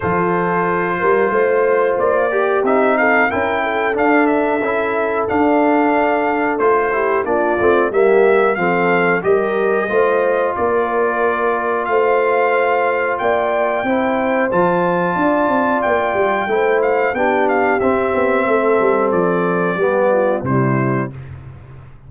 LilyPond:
<<
  \new Staff \with { instrumentName = "trumpet" } { \time 4/4 \tempo 4 = 91 c''2. d''4 | e''8 f''8 g''4 f''8 e''4. | f''2 c''4 d''4 | e''4 f''4 dis''2 |
d''2 f''2 | g''2 a''2 | g''4. f''8 g''8 f''8 e''4~ | e''4 d''2 c''4 | }
  \new Staff \with { instrumentName = "horn" } { \time 4/4 a'4. ais'8 c''4. g'8~ | g'8 a'8 ais'8 a'2~ a'8~ | a'2~ a'8 g'8 f'4 | g'4 a'4 ais'4 c''4 |
ais'2 c''2 | d''4 c''2 d''4~ | d''4 c''4 g'2 | a'2 g'8 f'8 e'4 | }
  \new Staff \with { instrumentName = "trombone" } { \time 4/4 f'2.~ f'8 g'8 | dis'4 e'4 d'4 e'4 | d'2 f'8 e'8 d'8 c'8 | ais4 c'4 g'4 f'4~ |
f'1~ | f'4 e'4 f'2~ | f'4 e'4 d'4 c'4~ | c'2 b4 g4 | }
  \new Staff \with { instrumentName = "tuba" } { \time 4/4 f4. g8 a4 ais4 | c'4 cis'4 d'4 cis'4 | d'2 a4 ais8 a8 | g4 f4 g4 a4 |
ais2 a2 | ais4 c'4 f4 d'8 c'8 | ais8 g8 a4 b4 c'8 b8 | a8 g8 f4 g4 c4 | }
>>